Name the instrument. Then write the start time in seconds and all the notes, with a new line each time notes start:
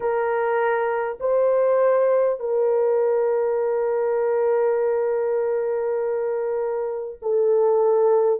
horn
0.00 A#4
1.19 C5
2.39 A#4
7.22 A4